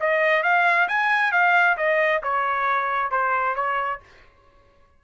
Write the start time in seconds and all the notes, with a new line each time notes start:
0.00 D#5
0.43 F5
0.88 G#5
1.32 F5
1.77 D#5
2.23 C#5
3.11 C5
3.55 C#5